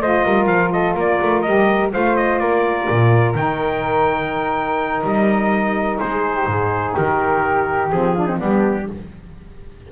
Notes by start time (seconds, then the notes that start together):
0.00 A3 F4 C5 D#5
0.24 G3 A#4
0.46 F3 F5
0.72 A4 D#5
0.94 A#3 A#4 D5
1.22 A3
1.41 G3 G4 D#5
1.90 A3 F4 C5 F5
2.16 D#5
2.39 A#3 A#4 D5
2.89 A#2
3.34 D#3 D#4 G5
5.03 G3 D#5
5.99 G#3 G#4 C5
6.36 G4
6.46 G#2 G#4
6.94 D#3 G4 A#4
7.91 F3 C4 G#4
8.15 D4 F4
8.26 C4 D#4
8.38 G3 B3 D4 G4